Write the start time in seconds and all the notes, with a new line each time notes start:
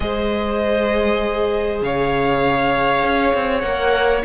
0.00 G#3 G#4 C5 D#5
1.81 C#3 C#5 F5
3.02 C#4
3.34 C4
3.60 A#3 A#4 F#5